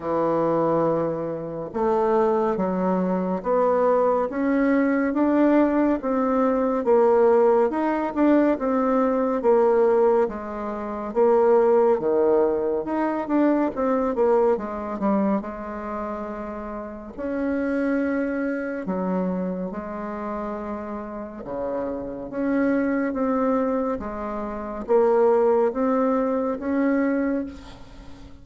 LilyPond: \new Staff \with { instrumentName = "bassoon" } { \time 4/4 \tempo 4 = 70 e2 a4 fis4 | b4 cis'4 d'4 c'4 | ais4 dis'8 d'8 c'4 ais4 | gis4 ais4 dis4 dis'8 d'8 |
c'8 ais8 gis8 g8 gis2 | cis'2 fis4 gis4~ | gis4 cis4 cis'4 c'4 | gis4 ais4 c'4 cis'4 | }